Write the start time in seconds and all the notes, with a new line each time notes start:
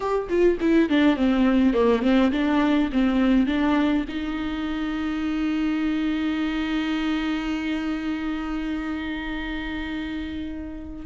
0.00 G4
0.29 F4
0.60 E4
0.89 D4
1.16 C4
1.73 A#3
2.02 C4
2.31 D4
2.92 C4
3.46 D4
4.08 D#4